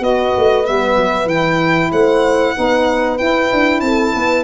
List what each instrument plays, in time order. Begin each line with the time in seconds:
0.00 tuba B3, saxophone F#4, horn B4, violin D#5
0.37 tuba A3
0.65 tuba G3, saxophone B3, violin E5
0.97 tuba F#3
1.26 tuba E3, saxophone E4, violin G5
1.92 tuba A3, horn C5, violin F#5
2.56 tuba B3, saxophone D#4, horn B4
3.18 saxophone E4, tuba E4, violin G5
3.52 tuba D4
3.81 tuba C4, horn A4, violin A5
4.14 tuba B3, horn B4